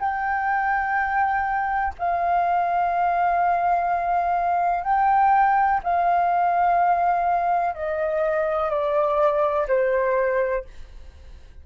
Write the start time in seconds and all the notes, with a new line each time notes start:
0.00 G5
1.99 F5
4.84 G5
5.83 F5
7.75 D#5
8.70 D5
9.68 C5